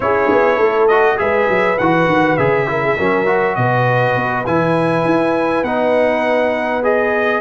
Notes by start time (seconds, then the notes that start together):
0.00 C#4 E4 G#4 C#5
0.31 B3
0.56 A3 A4
0.87 F#4 D#5
1.17 G#3 G#4 B4 E5
1.48 F#3
1.78 E3 F#4 F#5
2.07 D#3
2.37 C#3 G#4 E5
2.67 E4 A#4
2.84 G#4
2.97 F#3 C#4 A#4
3.25 F#4
3.55 B2 B4 D#5
4.15 B3
4.46 E3 E4 G#5
5.04 E4
5.63 B3 D#4 F#5
6.82 G#4 D#5